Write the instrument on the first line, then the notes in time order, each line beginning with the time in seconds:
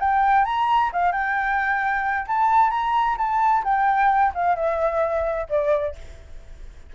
flute
0.00 G5
0.45 A#5
0.93 F5
1.12 G5
2.27 A5
2.71 A#5
3.18 A5
3.64 G5
4.35 F5
4.56 E5
5.50 D5